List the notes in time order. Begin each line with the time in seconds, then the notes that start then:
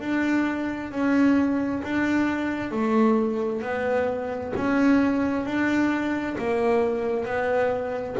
0.00 D4
0.91 C#4
1.83 D4
2.71 A3
3.62 B3
4.56 C#4
5.45 D4
6.38 A#3
7.25 B3